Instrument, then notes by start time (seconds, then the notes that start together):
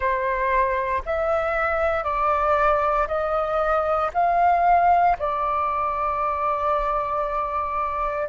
flute
0.00 C5
1.05 E5
2.03 D5
3.07 D#5
4.13 F5
5.18 D5